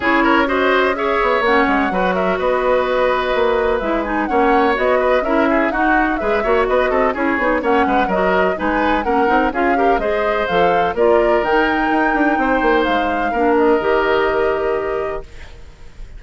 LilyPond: <<
  \new Staff \with { instrumentName = "flute" } { \time 4/4 \tempo 4 = 126 cis''4 dis''4 e''4 fis''4~ | fis''8 e''8 dis''2. | e''8 gis''8 fis''4 dis''4 e''4 | fis''4 e''4 dis''4 cis''4 |
fis''4 dis''4 gis''4 fis''4 | f''4 dis''4 f''4 d''4 | g''2. f''4~ | f''8 dis''2.~ dis''8 | }
  \new Staff \with { instrumentName = "oboe" } { \time 4/4 gis'8 ais'8 c''4 cis''2 | b'8 ais'8 b'2.~ | b'4 cis''4. b'8 ais'8 gis'8 | fis'4 b'8 cis''8 b'8 a'8 gis'4 |
cis''8 b'8 ais'4 b'4 ais'4 | gis'8 ais'8 c''2 ais'4~ | ais'2 c''2 | ais'1 | }
  \new Staff \with { instrumentName = "clarinet" } { \time 4/4 e'4 fis'4 gis'4 cis'4 | fis'1 | e'8 dis'8 cis'4 fis'4 e'4 | dis'4 gis'8 fis'4. e'8 dis'8 |
cis'4 fis'4 dis'4 cis'8 dis'8 | f'8 g'8 gis'4 a'4 f'4 | dis'1 | d'4 g'2. | }
  \new Staff \with { instrumentName = "bassoon" } { \time 4/4 cis'2~ cis'8 b8 ais8 gis8 | fis4 b2 ais4 | gis4 ais4 b4 cis'4 | dis'4 gis8 ais8 b8 c'8 cis'8 b8 |
ais8 gis8 fis4 gis4 ais8 c'8 | cis'4 gis4 f4 ais4 | dis4 dis'8 d'8 c'8 ais8 gis4 | ais4 dis2. | }
>>